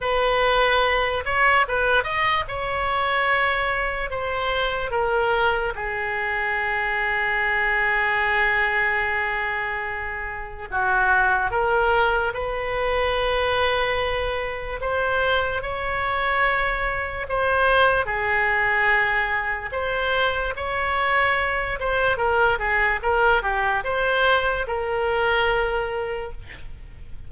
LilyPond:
\new Staff \with { instrumentName = "oboe" } { \time 4/4 \tempo 4 = 73 b'4. cis''8 b'8 dis''8 cis''4~ | cis''4 c''4 ais'4 gis'4~ | gis'1~ | gis'4 fis'4 ais'4 b'4~ |
b'2 c''4 cis''4~ | cis''4 c''4 gis'2 | c''4 cis''4. c''8 ais'8 gis'8 | ais'8 g'8 c''4 ais'2 | }